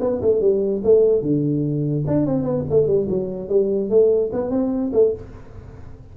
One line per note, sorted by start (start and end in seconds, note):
0.00 0.21 B3
0.21 0.40 A3
0.40 0.81 G3
0.84 1.21 A3
1.21 2.04 D3
2.07 2.26 D4
2.26 2.43 C4
2.43 2.63 B3
2.69 2.87 A3
2.87 3.07 G3
3.09 3.48 F#3
3.48 3.89 G3
3.89 4.30 A3
4.32 4.50 B3
4.50 4.91 C4
4.93 5.13 A3